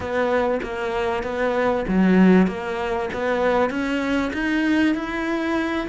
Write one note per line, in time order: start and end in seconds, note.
0.00 0.60 B3
0.62 1.23 A#3
1.23 1.85 B3
1.88 2.47 F#3
2.47 3.09 A#3
3.13 3.69 B3
3.69 4.31 C#4
4.33 4.95 D#4
4.95 5.87 E4